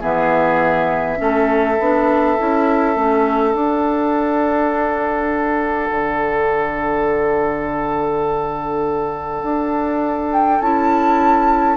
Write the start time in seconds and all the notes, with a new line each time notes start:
0.00 E3 B3 G#4 E5
1.17 A3 C#4 A4
1.79 B3 D4
2.38 C#4 E4
2.96 A3 C#4
3.54 D4 F#5
5.91 D3
9.43 D4
10.33 G5
10.61 C#4 E4 A5